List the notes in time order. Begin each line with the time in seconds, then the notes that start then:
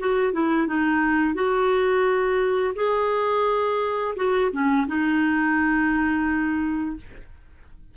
0.00 F#4
0.33 E4
0.68 D#4
1.35 F#4
2.76 G#4
4.17 F#4
4.53 C#4
4.88 D#4